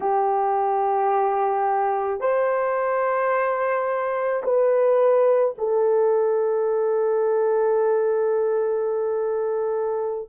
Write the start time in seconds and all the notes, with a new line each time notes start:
0.00 G4
2.20 C5
4.43 B4
5.58 A4